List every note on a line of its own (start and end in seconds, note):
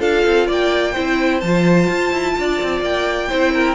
0.00 0.24 D4
0.00 0.94 F4
0.00 0.47 A4
0.00 0.48 F5
0.26 0.49 C4
0.48 0.96 A#3
0.48 0.93 D5
0.48 1.41 G5
0.93 1.43 C4
0.93 1.43 E4
0.93 2.33 C5
1.41 1.90 F3
1.41 3.30 F4
1.41 2.81 A5
1.90 2.12 F4
2.12 2.36 E4
2.39 2.62 D4
2.39 3.29 D5
2.63 2.82 C4
2.82 3.29 A#3
2.82 3.76 G5
3.29 3.76 C4
3.29 3.76 E4
3.29 3.52 C5
3.54 3.76 A#4